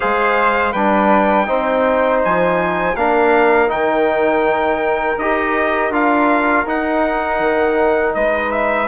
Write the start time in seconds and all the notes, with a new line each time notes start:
0.00 G#3 G#4 C5 F5
0.72 G3 D4 B4 G5
1.46 C4 D#4 C5
2.23 F3 G#5
2.95 A#3 D4 A#4 F5
3.67 D#3 D#4 G5
5.17 D#4 G4 D#5
5.90 D4 F4 F5
6.65 D#4 F#5
7.39 D#3
8.14 G#3 B4 D#5
8.51 E5